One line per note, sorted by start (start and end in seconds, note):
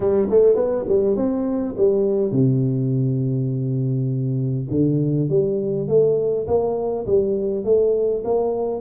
0.00 0.29 G3
0.30 0.55 A3
0.55 0.85 B3
0.88 1.16 G3
1.16 1.75 C4
1.77 2.31 G3
2.31 4.67 C3
4.70 5.29 D3
5.29 5.87 G3
5.87 6.46 A3
6.47 7.06 A#3
7.06 7.64 G3
7.64 8.23 A3
8.24 8.80 A#3